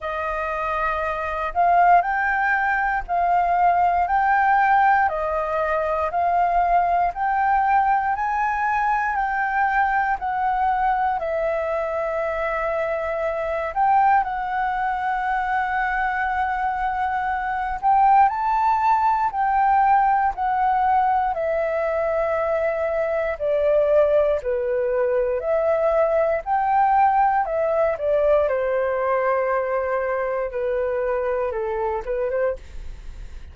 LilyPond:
\new Staff \with { instrumentName = "flute" } { \time 4/4 \tempo 4 = 59 dis''4. f''8 g''4 f''4 | g''4 dis''4 f''4 g''4 | gis''4 g''4 fis''4 e''4~ | e''4. g''8 fis''2~ |
fis''4. g''8 a''4 g''4 | fis''4 e''2 d''4 | b'4 e''4 g''4 e''8 d''8 | c''2 b'4 a'8 b'16 c''16 | }